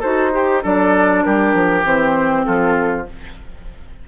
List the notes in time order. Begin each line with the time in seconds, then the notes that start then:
0.00 D#4 F#4 A4 C5
0.33 G4
0.63 F#3 D4 A4 D5
1.24 G3 G4 A#4
1.54 F3
1.84 E3 C4 C5
2.45 F3 F4 A4